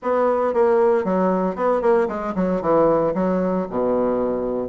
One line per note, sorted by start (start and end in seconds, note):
0.02 0.53 B3
0.53 1.04 A#3
1.04 1.55 F#3
1.55 1.81 B3
1.81 2.07 A#3
2.08 2.34 G#3
2.35 2.61 F#3
2.61 3.13 E3
3.14 3.66 F#3
3.70 4.68 B2